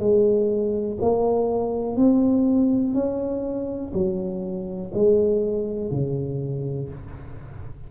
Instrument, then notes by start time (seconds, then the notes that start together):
tuba
0.00 G#3
1.01 A#3
1.97 C4
2.94 C#4
3.94 F#3
4.94 G#3
5.92 C#3